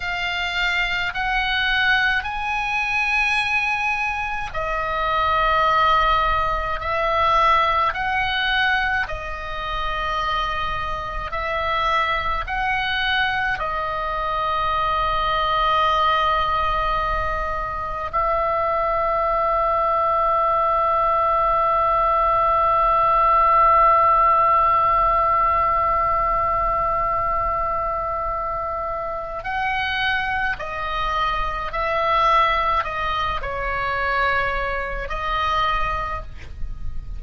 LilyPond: \new Staff \with { instrumentName = "oboe" } { \time 4/4 \tempo 4 = 53 f''4 fis''4 gis''2 | dis''2 e''4 fis''4 | dis''2 e''4 fis''4 | dis''1 |
e''1~ | e''1~ | e''2 fis''4 dis''4 | e''4 dis''8 cis''4. dis''4 | }